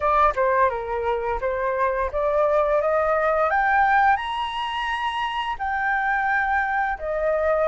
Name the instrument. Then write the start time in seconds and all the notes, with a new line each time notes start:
flute
0.00 D5
0.35 C5
0.69 A#4
1.40 C5
2.12 D5
2.81 D#5
3.50 G5
4.16 A#5
5.58 G5
6.98 D#5